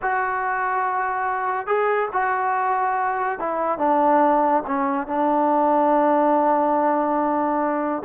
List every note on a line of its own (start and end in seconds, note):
0.02 1.66 F#4
1.66 2.09 G#4
2.12 3.39 F#4
3.39 3.78 E4
3.78 4.63 D4
4.67 5.07 C#4
5.07 8.02 D4